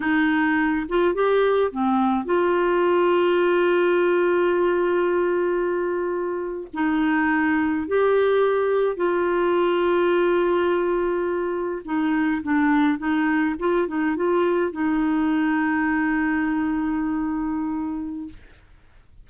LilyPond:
\new Staff \with { instrumentName = "clarinet" } { \time 4/4 \tempo 4 = 105 dis'4. f'8 g'4 c'4 | f'1~ | f'2.~ f'8. dis'16~ | dis'4.~ dis'16 g'2 f'16~ |
f'1~ | f'8. dis'4 d'4 dis'4 f'16~ | f'16 dis'8 f'4 dis'2~ dis'16~ | dis'1 | }